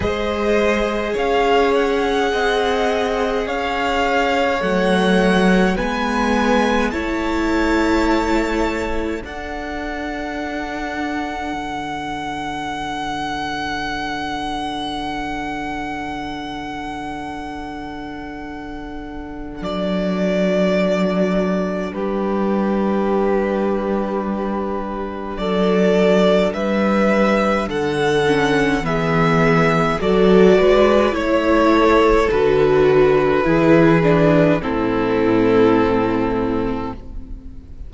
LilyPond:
<<
  \new Staff \with { instrumentName = "violin" } { \time 4/4 \tempo 4 = 52 dis''4 f''8 fis''4. f''4 | fis''4 gis''4 a''2 | fis''1~ | fis''1~ |
fis''4 d''2 b'4~ | b'2 d''4 e''4 | fis''4 e''4 d''4 cis''4 | b'2 a'2 | }
  \new Staff \with { instrumentName = "violin" } { \time 4/4 c''4 cis''4 dis''4 cis''4~ | cis''4 b'4 cis''2 | a'1~ | a'1~ |
a'2. g'4~ | g'2 a'4 b'4 | a'4 gis'4 a'8 b'8 cis''8 a'8~ | a'4 gis'4 e'2 | }
  \new Staff \with { instrumentName = "viola" } { \time 4/4 gis'1 | a4 b4 e'2 | d'1~ | d'1~ |
d'1~ | d'1~ | d'8 cis'8 b4 fis'4 e'4 | fis'4 e'8 d'8 c'2 | }
  \new Staff \with { instrumentName = "cello" } { \time 4/4 gis4 cis'4 c'4 cis'4 | fis4 gis4 a2 | d'2 d2~ | d1~ |
d4 fis2 g4~ | g2 fis4 g4 | d4 e4 fis8 gis8 a4 | d4 e4 a,2 | }
>>